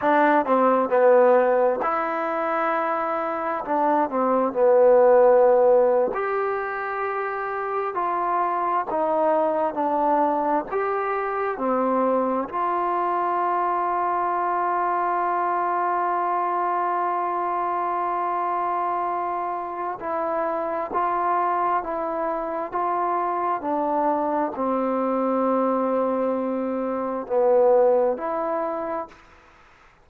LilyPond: \new Staff \with { instrumentName = "trombone" } { \time 4/4 \tempo 4 = 66 d'8 c'8 b4 e'2 | d'8 c'8 b4.~ b16 g'4~ g'16~ | g'8. f'4 dis'4 d'4 g'16~ | g'8. c'4 f'2~ f'16~ |
f'1~ | f'2 e'4 f'4 | e'4 f'4 d'4 c'4~ | c'2 b4 e'4 | }